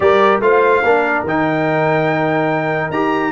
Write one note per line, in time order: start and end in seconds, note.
0.00 0.40 G3
0.00 0.41 G4
0.00 0.43 A#4
0.00 0.40 D5
0.40 0.82 A3
0.40 0.83 F4
0.40 0.84 C5
0.40 1.24 F5
0.84 1.24 A#3
0.84 1.27 D4
0.84 3.31 A#4
1.24 2.90 D#3
1.24 2.92 D#4
1.24 2.91 G5
2.90 3.31 D#4
2.90 3.31 G4
2.90 3.31 A#5